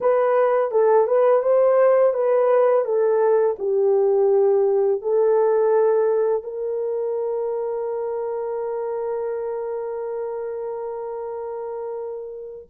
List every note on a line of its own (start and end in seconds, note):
0.00 0.71 B4
0.71 1.07 A4
1.07 1.42 B4
1.42 2.13 C5
2.13 2.84 B4
2.84 3.56 A4
3.58 5.01 G4
5.01 6.43 A4
6.43 12.68 A#4